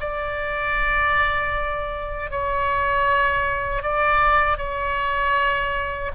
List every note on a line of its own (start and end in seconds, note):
0.00 2.30 D5
2.30 3.83 C#5
3.83 4.57 D5
4.57 6.11 C#5